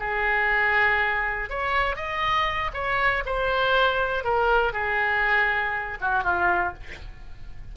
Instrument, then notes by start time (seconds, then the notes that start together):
oboe
0.00 G#4
1.50 C#5
1.96 D#5
2.74 C#5
3.26 C5
4.25 A#4
4.73 G#4
6.01 F#4
6.24 F4